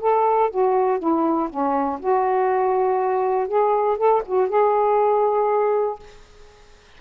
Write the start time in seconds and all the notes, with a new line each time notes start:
0.00 A4
0.50 F#4
0.99 E4
1.49 C#4
1.99 F#4
3.47 G#4
3.97 A4
4.26 F#4
4.49 G#4